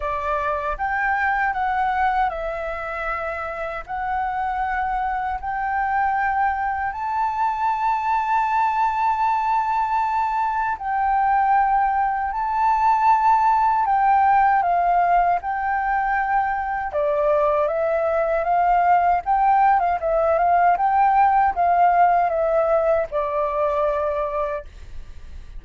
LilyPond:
\new Staff \with { instrumentName = "flute" } { \time 4/4 \tempo 4 = 78 d''4 g''4 fis''4 e''4~ | e''4 fis''2 g''4~ | g''4 a''2.~ | a''2 g''2 |
a''2 g''4 f''4 | g''2 d''4 e''4 | f''4 g''8. f''16 e''8 f''8 g''4 | f''4 e''4 d''2 | }